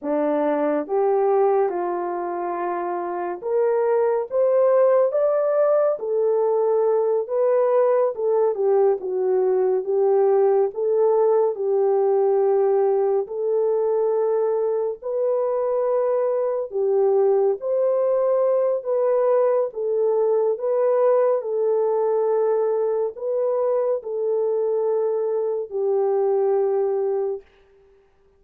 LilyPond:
\new Staff \with { instrumentName = "horn" } { \time 4/4 \tempo 4 = 70 d'4 g'4 f'2 | ais'4 c''4 d''4 a'4~ | a'8 b'4 a'8 g'8 fis'4 g'8~ | g'8 a'4 g'2 a'8~ |
a'4. b'2 g'8~ | g'8 c''4. b'4 a'4 | b'4 a'2 b'4 | a'2 g'2 | }